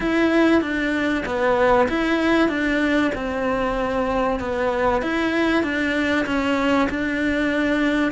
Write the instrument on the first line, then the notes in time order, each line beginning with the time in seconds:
cello
0.00 E4
0.61 D4
1.25 B3
1.89 E4
2.48 D4
3.14 C4
4.39 B3
5.02 E4
5.63 D4
6.26 C#4
6.89 D4